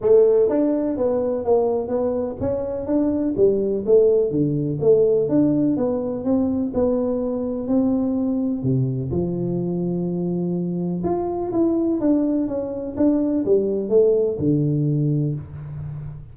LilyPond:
\new Staff \with { instrumentName = "tuba" } { \time 4/4 \tempo 4 = 125 a4 d'4 b4 ais4 | b4 cis'4 d'4 g4 | a4 d4 a4 d'4 | b4 c'4 b2 |
c'2 c4 f4~ | f2. f'4 | e'4 d'4 cis'4 d'4 | g4 a4 d2 | }